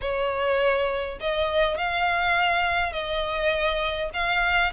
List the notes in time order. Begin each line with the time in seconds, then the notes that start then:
0.01 C#5
1.20 D#5
1.77 F5
2.92 D#5
4.13 F5